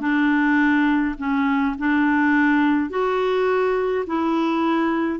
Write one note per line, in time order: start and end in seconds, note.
0.00 1.15 D4
1.18 1.76 C#4
1.78 2.90 D4
2.90 4.05 F#4
4.06 5.19 E4